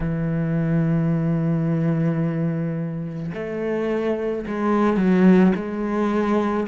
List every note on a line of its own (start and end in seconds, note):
0.00 3.32 E3
3.33 4.44 A3
4.47 4.96 G#3
4.96 5.52 F#3
5.56 6.67 G#3